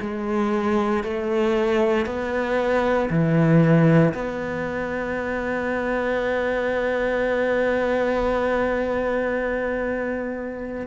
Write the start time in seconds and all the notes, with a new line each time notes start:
0.00 G#3
1.03 A3
2.05 B3
3.10 E3
4.13 B3